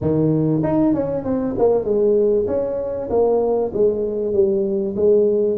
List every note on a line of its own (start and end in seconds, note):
0.01 0.62 D#3
0.63 0.94 D#4
0.94 1.24 C#4
1.24 1.55 C4
1.58 1.84 A#3
1.84 2.46 G#3
2.47 3.09 C#4
3.10 3.72 A#3
3.73 4.33 G#3
4.33 4.95 G3
4.96 5.58 G#3